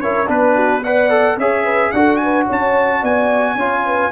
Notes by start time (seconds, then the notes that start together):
0.00 C#4 E4 A#4 C#5
0.26 B3 D4 B4
0.55 F#4
0.83 B4 D5 F#5
1.10 A4
1.37 C#4 G#4 C#5 E5
1.64 B4
1.91 D4 F#4 A4 F#5
2.16 G#5
2.22 B4
2.46 C#4 C#5
2.52 A5
3.01 B3 D5 G#5
3.55 C#4 F4 C#5
3.85 B4